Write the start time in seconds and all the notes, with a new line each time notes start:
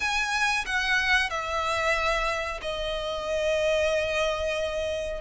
0.00 G#5
0.66 F#5
1.30 E5
2.61 D#5